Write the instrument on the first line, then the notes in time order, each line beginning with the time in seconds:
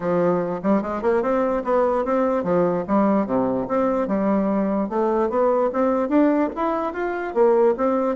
bassoon
0.00 F3
0.62 G3
0.82 G#3
1.01 A#3
1.22 C4
1.64 B3
2.04 C4
2.43 F3
2.87 G3
3.26 C3
3.68 C4
4.07 G3
4.89 A3
5.29 B3
5.72 C4
6.08 D4
6.55 E4
6.93 F4
7.34 A#3
7.77 C4